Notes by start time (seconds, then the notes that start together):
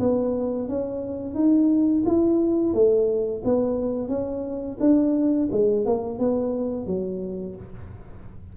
0.00 B3
0.69 C#4
1.35 D#4
2.06 E4
2.74 A3
3.45 B3
4.09 C#4
4.80 D4
5.52 G#3
5.86 A#3
6.19 B3
6.87 F#3